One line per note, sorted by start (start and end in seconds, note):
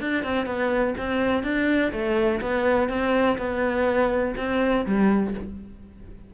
0.00 0.24 D4
0.24 0.46 C4
0.46 0.94 B3
0.98 1.43 C4
1.43 1.92 D4
1.92 2.41 A3
2.41 2.89 B3
2.89 3.37 C4
3.38 4.35 B3
4.37 4.86 C4
4.86 5.34 G3